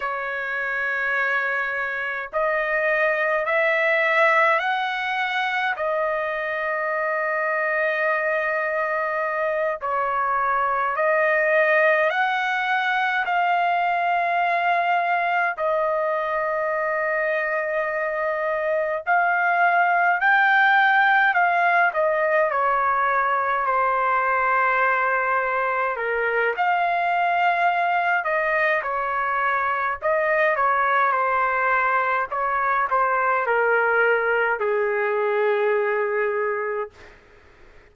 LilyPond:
\new Staff \with { instrumentName = "trumpet" } { \time 4/4 \tempo 4 = 52 cis''2 dis''4 e''4 | fis''4 dis''2.~ | dis''8 cis''4 dis''4 fis''4 f''8~ | f''4. dis''2~ dis''8~ |
dis''8 f''4 g''4 f''8 dis''8 cis''8~ | cis''8 c''2 ais'8 f''4~ | f''8 dis''8 cis''4 dis''8 cis''8 c''4 | cis''8 c''8 ais'4 gis'2 | }